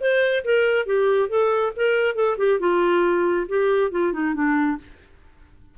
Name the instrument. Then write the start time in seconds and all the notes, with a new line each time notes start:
clarinet
0.00 C5
0.44 A#4
0.86 G4
1.28 A4
1.75 A#4
2.15 A4
2.37 G4
2.59 F4
3.48 G4
3.91 F4
4.12 D#4
4.34 D4